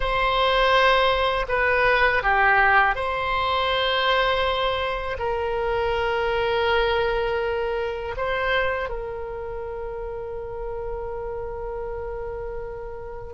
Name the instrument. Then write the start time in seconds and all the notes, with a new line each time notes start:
oboe
0.00 C5
1.48 B4
2.22 G4
2.95 C5
5.19 A#4
8.16 C5
8.89 A#4